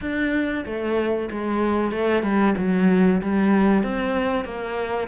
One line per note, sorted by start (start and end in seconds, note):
0.01 0.64 D4
0.65 1.29 A3
1.31 1.91 G#3
1.91 2.22 A3
2.22 2.54 G3
2.57 3.21 F#3
3.21 3.83 G3
3.83 4.44 C4
4.44 5.07 A#3